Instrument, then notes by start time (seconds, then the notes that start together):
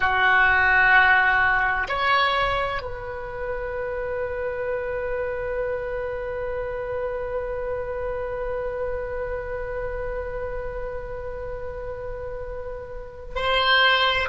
oboe
0.00 F#4
1.88 C#5
2.82 B4
13.35 C5